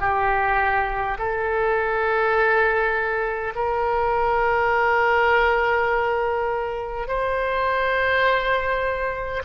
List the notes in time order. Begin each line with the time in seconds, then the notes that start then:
0.00 G4
1.19 A4
3.55 A#4
7.07 C5